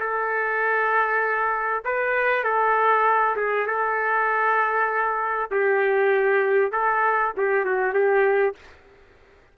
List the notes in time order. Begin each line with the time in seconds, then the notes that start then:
0.00 A4
1.85 B4
2.44 A4
3.36 G#4
3.67 A4
5.51 G4
6.72 A4
7.37 G4
7.65 F#4
7.94 G4